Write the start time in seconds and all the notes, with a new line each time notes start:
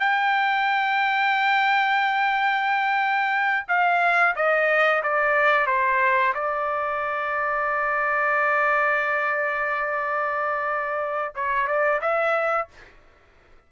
0.00 G5
3.68 F5
4.36 D#5
5.03 D5
5.67 C5
6.34 D5
11.35 C#5
11.67 D5
12.02 E5